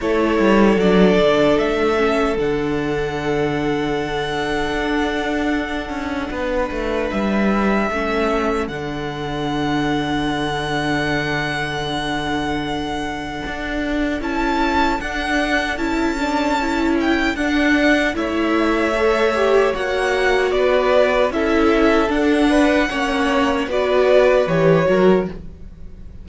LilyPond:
<<
  \new Staff \with { instrumentName = "violin" } { \time 4/4 \tempo 4 = 76 cis''4 d''4 e''4 fis''4~ | fis''1~ | fis''4 e''2 fis''4~ | fis''1~ |
fis''2 a''4 fis''4 | a''4. g''8 fis''4 e''4~ | e''4 fis''4 d''4 e''4 | fis''2 d''4 cis''4 | }
  \new Staff \with { instrumentName = "violin" } { \time 4/4 a'1~ | a'1 | b'2 a'2~ | a'1~ |
a'1~ | a'2. cis''4~ | cis''2 b'4 a'4~ | a'8 b'8 cis''4 b'4. ais'8 | }
  \new Staff \with { instrumentName = "viola" } { \time 4/4 e'4 d'4. cis'8 d'4~ | d'1~ | d'2 cis'4 d'4~ | d'1~ |
d'2 e'4 d'4 | e'8 d'8 e'4 d'4 e'4 | a'8 g'8 fis'2 e'4 | d'4 cis'4 fis'4 g'8 fis'8 | }
  \new Staff \with { instrumentName = "cello" } { \time 4/4 a8 g8 fis8 d8 a4 d4~ | d2 d'4. cis'8 | b8 a8 g4 a4 d4~ | d1~ |
d4 d'4 cis'4 d'4 | cis'2 d'4 a4~ | a4 ais4 b4 cis'4 | d'4 ais4 b4 e8 fis8 | }
>>